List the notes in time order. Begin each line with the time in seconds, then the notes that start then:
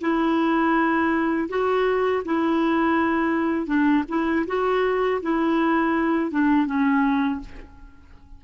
0.00 E4
1.49 F#4
2.25 E4
3.66 D4
4.08 E4
4.47 F#4
5.22 E4
6.31 D4
6.66 C#4